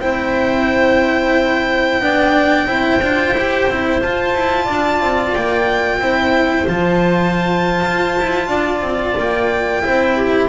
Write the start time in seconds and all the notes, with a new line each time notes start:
0.00 C4 E4 C5 G5
2.00 B3 D4 D5
2.67 C4 E4 C5
3.02 D4 F4
3.32 E4 G4
3.68 C4 E4
4.02 F4 A5
4.35 E4
4.65 D4 D5
5.01 C4
5.34 A#3 G5
5.99 C4 E4 C5
6.68 F3 F4 A5
7.86 F4
8.20 E4
8.48 D4 D5
8.82 C4
9.18 A#3 G5
9.83 C4 E4 C5
10.17 G4